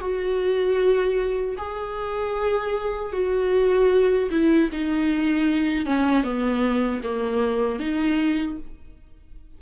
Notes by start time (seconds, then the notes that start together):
0.00 F#4
1.57 G#4
3.12 F#4
4.31 E4
4.72 D#4
5.85 C#4
6.23 B3
7.03 A#3
7.79 D#4